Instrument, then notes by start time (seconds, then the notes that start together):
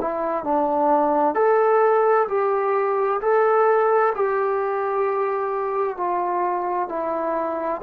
trombone
0.00 E4
0.44 D4
1.34 A4
2.28 G4
3.21 A4
4.15 G4
5.96 F4
6.89 E4